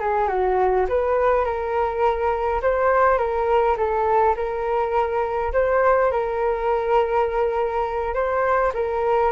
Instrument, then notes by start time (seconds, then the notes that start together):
flute
0.00 G#4
0.28 F#4
0.89 B4
1.45 A#4
2.62 C5
3.18 A#4
3.77 A4
4.36 A#4
5.53 C5
6.11 A#4
8.14 C5
8.74 A#4